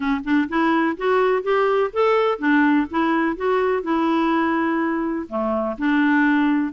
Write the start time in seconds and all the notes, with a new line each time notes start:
0.00 C#4
0.24 D4
0.48 E4
0.97 F#4
1.42 G4
1.92 A4
2.38 D4
2.90 E4
3.36 F#4
3.82 E4
5.28 A3
5.78 D4